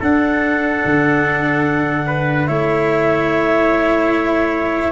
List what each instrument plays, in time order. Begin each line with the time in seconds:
0.00 tuba D4, cello D4, trumpet A4, clarinet F#5
0.85 tuba D3
2.07 trumpet B4
2.46 tuba A3, cello E4, trumpet C#5, clarinet E5